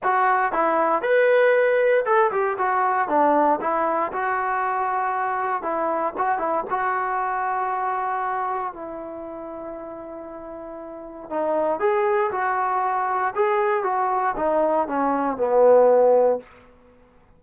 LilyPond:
\new Staff \with { instrumentName = "trombone" } { \time 4/4 \tempo 4 = 117 fis'4 e'4 b'2 | a'8 g'8 fis'4 d'4 e'4 | fis'2. e'4 | fis'8 e'8 fis'2.~ |
fis'4 e'2.~ | e'2 dis'4 gis'4 | fis'2 gis'4 fis'4 | dis'4 cis'4 b2 | }